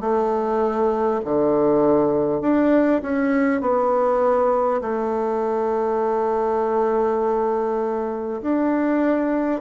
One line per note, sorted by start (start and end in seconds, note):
0.00 1.20 A3
1.24 2.41 D3
2.41 3.01 D4
3.02 3.61 C#4
3.61 4.81 B3
4.81 8.41 A3
8.41 9.61 D4